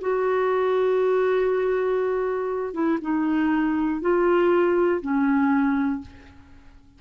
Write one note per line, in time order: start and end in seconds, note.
0.00 2.73 F#4
2.73 2.98 E4
3.01 4.00 D#4
4.00 5.00 F4
5.01 6.01 C#4